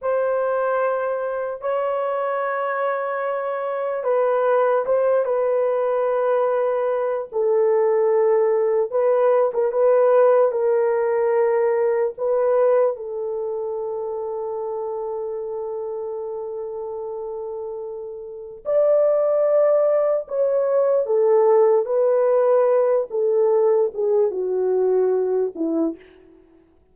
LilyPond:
\new Staff \with { instrumentName = "horn" } { \time 4/4 \tempo 4 = 74 c''2 cis''2~ | cis''4 b'4 c''8 b'4.~ | b'4 a'2 b'8. ais'16 | b'4 ais'2 b'4 |
a'1~ | a'2. d''4~ | d''4 cis''4 a'4 b'4~ | b'8 a'4 gis'8 fis'4. e'8 | }